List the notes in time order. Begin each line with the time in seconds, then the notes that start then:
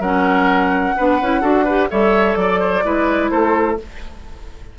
0.00 F#3 C#4 A#4 F#5
0.96 B3 D4 B4
1.21 C#4 E4
1.41 D4 F#4 A4
1.64 G4 B4
1.90 G3 A4 C#5 E5
2.35 F#3 D5
2.60 C5
2.83 G#3 E4 B4
3.30 A3 A4 C5